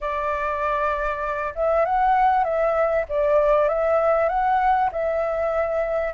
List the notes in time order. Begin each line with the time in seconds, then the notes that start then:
0.00 D5
1.55 E5
1.85 F#5
2.44 E5
3.08 D5
3.68 E5
4.28 F#5
4.91 E5